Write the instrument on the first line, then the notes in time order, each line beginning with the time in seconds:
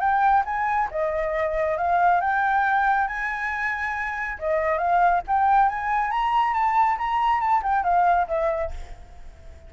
flute
0.00 G5
0.45 G#5
0.91 D#5
1.78 F5
2.21 G5
3.08 G#5
4.39 D#5
4.78 F5
5.27 G5
5.69 G#5
6.11 A#5
6.54 A5
6.98 A#5
7.41 A5
7.63 G5
7.84 F5
8.27 E5